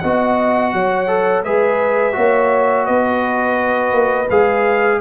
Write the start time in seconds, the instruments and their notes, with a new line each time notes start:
0.00 tuba B3, trombone F#4, horn D#5, trumpet F#5
0.74 tuba F#3, horn C#5
1.08 trombone A4
1.44 tuba G#3, trombone G#4, horn B4, trumpet E5
2.13 tuba A#3, trombone F#4, horn C#5
2.86 tuba B3, horn B4, trumpet D#5
3.93 tuba A#3
4.30 tuba G#3, trombone G#4, trumpet F5